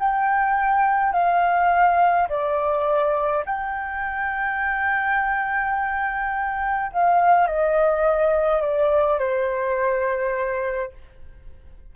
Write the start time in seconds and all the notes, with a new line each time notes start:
0.00 G5
1.13 F5
2.29 D5
3.46 G5
6.93 F5
7.48 D#5
8.62 D5
9.19 C5